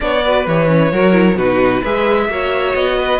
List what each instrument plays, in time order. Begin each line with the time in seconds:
0.00 cello B3, viola D4, violin C#5 D5
0.24 viola F#4, violin B4
0.46 cello E3, viola G4, violin C#5
0.67 viola C#4
0.92 cello F#3, viola F#4, violin A#4
1.12 viola E4
1.35 cello B2, viola D#4, violin F#4 B4
1.81 cello G#3, viola G#4, violin B4 E5
2.28 cello A#3, viola F#4, violin C#5
2.74 cello B3, violin D#5
2.98 violin B4